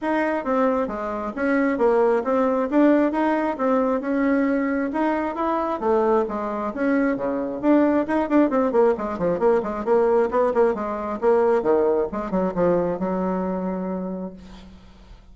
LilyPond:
\new Staff \with { instrumentName = "bassoon" } { \time 4/4 \tempo 4 = 134 dis'4 c'4 gis4 cis'4 | ais4 c'4 d'4 dis'4 | c'4 cis'2 dis'4 | e'4 a4 gis4 cis'4 |
cis4 d'4 dis'8 d'8 c'8 ais8 | gis8 f8 ais8 gis8 ais4 b8 ais8 | gis4 ais4 dis4 gis8 fis8 | f4 fis2. | }